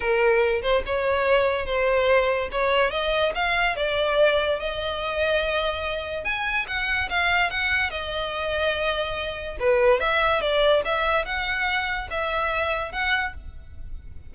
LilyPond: \new Staff \with { instrumentName = "violin" } { \time 4/4 \tempo 4 = 144 ais'4. c''8 cis''2 | c''2 cis''4 dis''4 | f''4 d''2 dis''4~ | dis''2. gis''4 |
fis''4 f''4 fis''4 dis''4~ | dis''2. b'4 | e''4 d''4 e''4 fis''4~ | fis''4 e''2 fis''4 | }